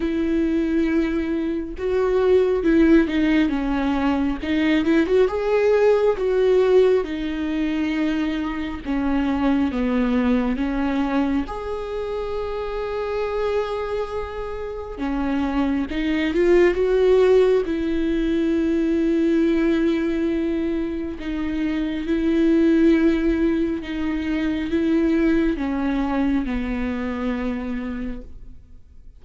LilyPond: \new Staff \with { instrumentName = "viola" } { \time 4/4 \tempo 4 = 68 e'2 fis'4 e'8 dis'8 | cis'4 dis'8 e'16 fis'16 gis'4 fis'4 | dis'2 cis'4 b4 | cis'4 gis'2.~ |
gis'4 cis'4 dis'8 f'8 fis'4 | e'1 | dis'4 e'2 dis'4 | e'4 cis'4 b2 | }